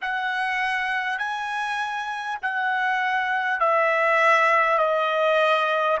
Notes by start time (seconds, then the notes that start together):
0.01 F#5
1.18 G#5
2.42 F#5
3.59 E5
4.78 D#5